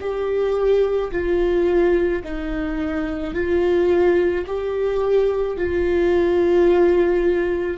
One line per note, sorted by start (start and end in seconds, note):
0.00 1.11 G4
1.12 2.23 F4
2.24 3.34 D#4
3.34 4.45 F4
4.47 5.57 G4
5.57 7.78 F4